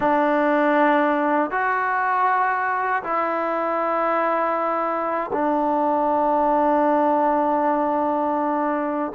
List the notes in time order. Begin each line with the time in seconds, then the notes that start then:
0.00 D4
1.50 F#4
3.03 E4
5.32 D4